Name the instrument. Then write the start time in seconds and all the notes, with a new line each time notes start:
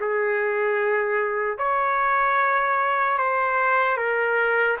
trumpet
0.00 G#4
1.58 C#5
3.17 C5
3.97 A#4